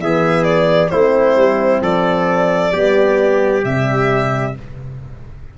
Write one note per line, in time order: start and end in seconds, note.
0.00 0.91 E3
0.00 0.91 B3
0.00 0.92 G#4
0.00 0.44 E5
0.44 0.89 D5
0.89 1.35 A3
0.89 1.82 E4
0.89 1.80 C5
0.96 2.73 C4
1.35 1.81 G3
1.81 2.72 F3
1.81 2.72 A4
1.81 3.64 D5
2.72 3.64 G3
2.72 3.64 B3
2.72 4.54 G4
3.64 4.55 C3
3.64 4.58 G3
3.64 4.55 E5